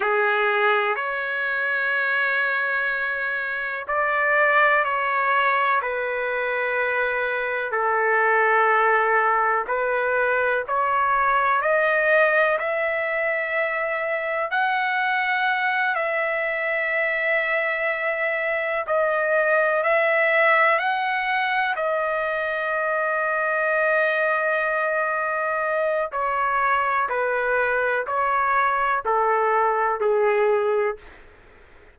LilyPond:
\new Staff \with { instrumentName = "trumpet" } { \time 4/4 \tempo 4 = 62 gis'4 cis''2. | d''4 cis''4 b'2 | a'2 b'4 cis''4 | dis''4 e''2 fis''4~ |
fis''8 e''2. dis''8~ | dis''8 e''4 fis''4 dis''4.~ | dis''2. cis''4 | b'4 cis''4 a'4 gis'4 | }